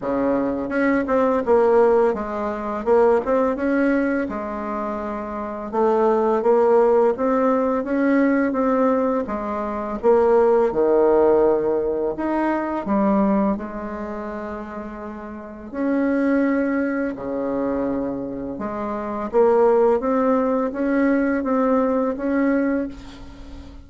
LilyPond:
\new Staff \with { instrumentName = "bassoon" } { \time 4/4 \tempo 4 = 84 cis4 cis'8 c'8 ais4 gis4 | ais8 c'8 cis'4 gis2 | a4 ais4 c'4 cis'4 | c'4 gis4 ais4 dis4~ |
dis4 dis'4 g4 gis4~ | gis2 cis'2 | cis2 gis4 ais4 | c'4 cis'4 c'4 cis'4 | }